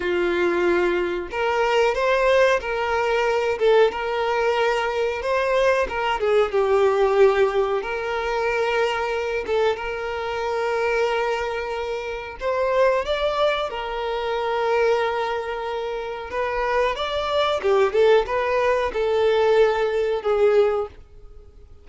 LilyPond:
\new Staff \with { instrumentName = "violin" } { \time 4/4 \tempo 4 = 92 f'2 ais'4 c''4 | ais'4. a'8 ais'2 | c''4 ais'8 gis'8 g'2 | ais'2~ ais'8 a'8 ais'4~ |
ais'2. c''4 | d''4 ais'2.~ | ais'4 b'4 d''4 g'8 a'8 | b'4 a'2 gis'4 | }